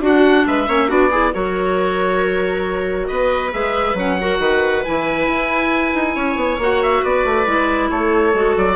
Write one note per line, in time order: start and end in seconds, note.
0.00 0.44 D4
0.00 0.67 D4
0.00 0.45 F#4
0.00 0.47 F#5
0.47 0.68 G#3
0.47 0.69 B4
0.47 0.90 E5
0.67 0.90 A#3
0.67 0.88 C#4
0.67 0.88 C#5
0.88 1.33 B3
0.88 1.10 D4
0.88 1.10 F#4
0.88 1.34 D5
1.11 1.33 E4
1.11 1.33 G#4
1.33 3.09 F#3
1.33 3.52 F#4
1.33 3.09 A#4
1.33 3.07 C#5
3.07 3.53 B3
3.07 4.19 B4
3.07 3.51 D#5
3.52 3.94 G#3
3.52 3.96 G#4
3.52 3.97 E5
3.94 4.38 F#3
3.94 4.18 C#4
3.94 4.84 F#5
4.20 4.85 F#4
4.20 4.41 A#4
4.39 4.83 D#3
4.39 6.16 B4
4.84 5.27 E3
4.84 6.60 E4
4.84 6.60 G#5
5.27 5.93 E4
5.94 6.16 D#4
6.16 6.36 C#4
6.16 7.02 C#5
6.36 6.58 B3
6.58 7.02 A#3
6.58 7.46 F#4
6.58 6.82 F#5
6.82 7.04 E5
7.02 7.24 B3
7.02 7.89 B4
7.02 7.90 D5
7.24 7.46 A3
7.46 7.90 G#3
7.46 8.33 E4
7.90 8.33 A3
7.90 8.76 A4
7.90 8.55 C#5
8.33 8.55 G#3
8.33 8.76 F#4
8.57 8.76 F#3
8.57 8.76 D5